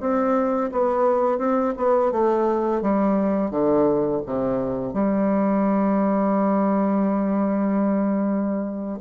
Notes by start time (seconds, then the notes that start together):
0.00 C4
0.72 B3
1.38 C4
1.77 B3
2.12 A3
2.82 G3
3.51 D3
4.26 C3
4.93 G3